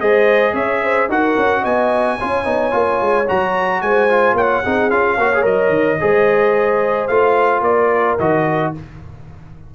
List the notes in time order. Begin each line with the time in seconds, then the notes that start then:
0.00 G#3 G#4 C5 D#5
0.53 C#4 C#5 E5
0.83 C5
1.09 D#4 F#4 A#4 F#5
1.37 C#4
1.61 B3 D#5 G#5
2.18 C#4 F4 C#5
2.45 B3 D#4
2.71 A#3 F4
3.01 G#3
3.28 F#3 F#4 A#5
3.81 G#3 C5 G#5
4.09 F4
4.33 A#3 C#5 F#5
4.63 C4 D#4 G#4
4.90 C#4 F4 F5
5.17 A#3 F#4 C#5
5.34 G#4
5.42 F#3 A#4 D#5
5.69 D#3
6.00 G#3 G#4 C5
7.07 A3 F4 F5
7.61 A#3 A#4 D5
8.19 D#3 F#4 D#5